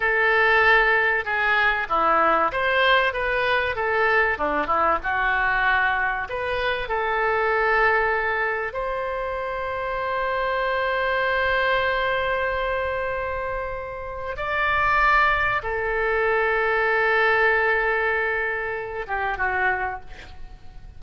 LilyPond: \new Staff \with { instrumentName = "oboe" } { \time 4/4 \tempo 4 = 96 a'2 gis'4 e'4 | c''4 b'4 a'4 d'8 e'8 | fis'2 b'4 a'4~ | a'2 c''2~ |
c''1~ | c''2. d''4~ | d''4 a'2.~ | a'2~ a'8 g'8 fis'4 | }